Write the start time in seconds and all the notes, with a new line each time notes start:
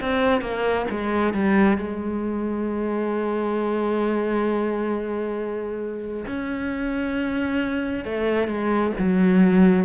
0.00 C4
0.41 A#3
0.90 G#3
1.34 G3
1.77 G#3
6.26 C#4
8.04 A3
8.47 G#3
8.99 F#3